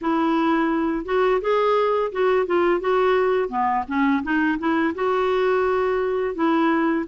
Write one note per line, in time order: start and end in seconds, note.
0.01 1.05 E4
1.05 1.40 F#4
1.41 2.11 G#4
2.12 2.46 F#4
2.46 2.80 F4
2.80 3.48 F#4
3.48 3.84 B3
3.87 4.23 C#4
4.23 4.58 D#4
4.58 4.93 E4
4.94 6.34 F#4
6.34 7.05 E4